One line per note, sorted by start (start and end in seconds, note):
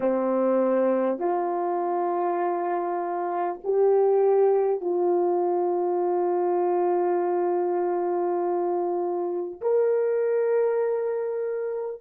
0.00 1.18 C4
1.18 3.58 F4
3.63 4.81 G4
4.81 9.61 F4
9.61 12.01 A#4